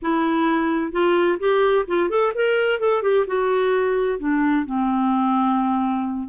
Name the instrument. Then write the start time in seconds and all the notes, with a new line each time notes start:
clarinet
0.02 E4
0.92 F4
1.39 G4
1.87 F4
2.09 A4
2.35 A#4
2.79 A4
3.02 G4
3.27 F#4
4.19 D4
4.65 C4